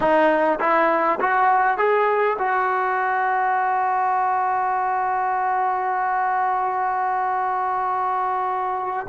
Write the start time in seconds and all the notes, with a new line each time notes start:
0.00 D#4
0.59 E4
1.20 F#4
1.77 G#4
2.38 F#4